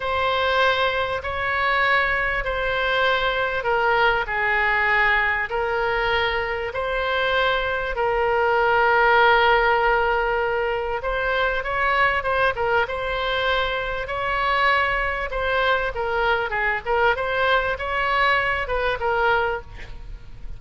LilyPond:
\new Staff \with { instrumentName = "oboe" } { \time 4/4 \tempo 4 = 98 c''2 cis''2 | c''2 ais'4 gis'4~ | gis'4 ais'2 c''4~ | c''4 ais'2.~ |
ais'2 c''4 cis''4 | c''8 ais'8 c''2 cis''4~ | cis''4 c''4 ais'4 gis'8 ais'8 | c''4 cis''4. b'8 ais'4 | }